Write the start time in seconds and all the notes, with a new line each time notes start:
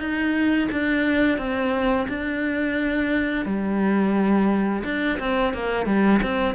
0.00 D#4
0.72 D4
1.38 C4
2.09 D4
3.46 G3
4.85 D4
5.20 C4
5.54 A#3
5.86 G3
6.23 C4